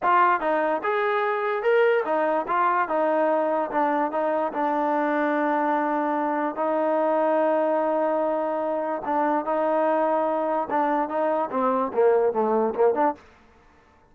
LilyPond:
\new Staff \with { instrumentName = "trombone" } { \time 4/4 \tempo 4 = 146 f'4 dis'4 gis'2 | ais'4 dis'4 f'4 dis'4~ | dis'4 d'4 dis'4 d'4~ | d'1 |
dis'1~ | dis'2 d'4 dis'4~ | dis'2 d'4 dis'4 | c'4 ais4 a4 ais8 d'8 | }